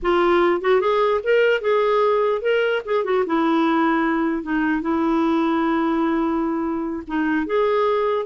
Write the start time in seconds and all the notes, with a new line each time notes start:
0.02 F4
0.61 F#4
0.80 G#4
1.23 A#4
1.61 G#4
2.41 A#4
2.85 G#4
3.04 F#4
3.26 E4
4.42 D#4
4.81 E4
7.07 D#4
7.46 G#4